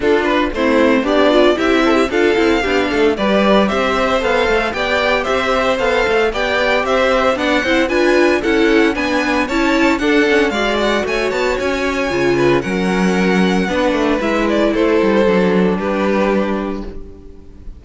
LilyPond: <<
  \new Staff \with { instrumentName = "violin" } { \time 4/4 \tempo 4 = 114 a'8 b'8 c''4 d''4 e''4 | f''2 d''4 e''4 | f''4 g''4 e''4 f''4 | g''4 e''4 fis''4 gis''4 |
fis''4 gis''4 a''4 fis''4 | f''8 fis''8 gis''8 a''8 gis''2 | fis''2. e''8 d''8 | c''2 b'2 | }
  \new Staff \with { instrumentName = "violin" } { \time 4/4 f'4 e'4 d'4 g'8 a'16 g'16 | a'4 g'8 a'8 b'4 c''4~ | c''4 d''4 c''2 | d''4 c''4 d''8 c''8 b'4 |
a'4 b'4 cis''4 a'4 | d''4 cis''2~ cis''8 b'8 | ais'2 b'2 | a'2 g'2 | }
  \new Staff \with { instrumentName = "viola" } { \time 4/4 d'4 c'4 g'8 f'8 e'4 | f'8 e'8 d'4 g'2 | a'4 g'2 a'4 | g'2 d'8 e'8 f'4 |
e'4 d'4 e'4 d'8 cis'8 | fis'2. f'4 | cis'2 d'4 e'4~ | e'4 d'2. | }
  \new Staff \with { instrumentName = "cello" } { \time 4/4 d'4 a4 b4 c'4 | d'8 c'8 b8 a8 g4 c'4 | b8 a8 b4 c'4 b8 a8 | b4 c'4 b8 c'8 d'4 |
cis'4 b4 cis'4 d'4 | gis4 a8 b8 cis'4 cis4 | fis2 b8 a8 gis4 | a8 g8 fis4 g2 | }
>>